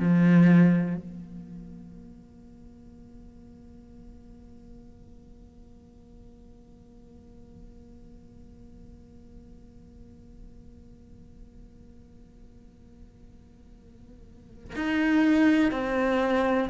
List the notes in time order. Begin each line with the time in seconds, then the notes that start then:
0.00 F3
0.97 A#3
14.76 D#4
15.72 C4